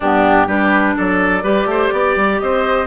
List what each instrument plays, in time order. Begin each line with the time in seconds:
0.00 bassoon G2, clarinet B3, oboe D4, flute G4
0.46 bassoon G3, clarinet D4, oboe G4, flute B4
0.96 bassoon F#3, oboe A4, flute D5
1.43 bassoon G3, clarinet G4, oboe B4
1.65 bassoon A3, oboe C5
1.92 bassoon B3, oboe D5
2.16 bassoon G3
2.38 bassoon C4, oboe C5, flute D#5